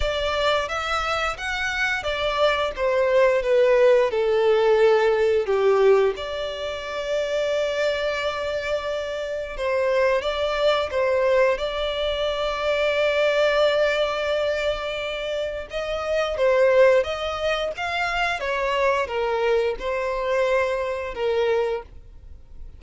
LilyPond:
\new Staff \with { instrumentName = "violin" } { \time 4/4 \tempo 4 = 88 d''4 e''4 fis''4 d''4 | c''4 b'4 a'2 | g'4 d''2.~ | d''2 c''4 d''4 |
c''4 d''2.~ | d''2. dis''4 | c''4 dis''4 f''4 cis''4 | ais'4 c''2 ais'4 | }